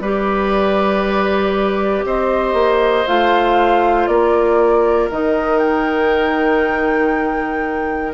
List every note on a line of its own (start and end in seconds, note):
0.00 2.03 G3
0.00 3.07 G4
0.00 2.05 B4
0.00 2.05 D5
2.05 2.53 C4
2.05 4.09 C5
2.05 3.07 D#5
2.53 3.04 A#3
3.07 4.07 A3
3.07 5.10 F4
3.07 4.07 F5
4.07 5.09 A#3
4.07 8.14 A#4
4.07 5.08 D5
5.10 8.14 D#3
5.10 8.14 D#4
5.10 5.58 D#5
5.58 8.13 G5